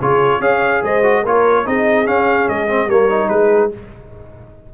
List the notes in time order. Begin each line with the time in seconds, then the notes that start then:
0.00 C#3 F4 G#4 C#5
0.39 C#4 G#4 C#5 F5
0.83 G#3 C5 D#5
1.02 F#4
1.23 A#3 F4 A#4 C#5
1.65 C4 D#4 G#4 D#5
2.05 C#4 F5
2.48 G#3 D#5
2.68 C4
2.87 G3 A#3 A#4 C#5
3.09 D#4
3.28 G#3 G#4 B4